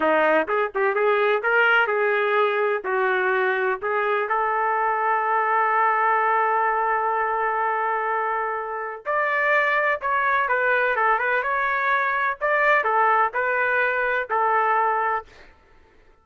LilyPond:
\new Staff \with { instrumentName = "trumpet" } { \time 4/4 \tempo 4 = 126 dis'4 gis'8 g'8 gis'4 ais'4 | gis'2 fis'2 | gis'4 a'2.~ | a'1~ |
a'2. d''4~ | d''4 cis''4 b'4 a'8 b'8 | cis''2 d''4 a'4 | b'2 a'2 | }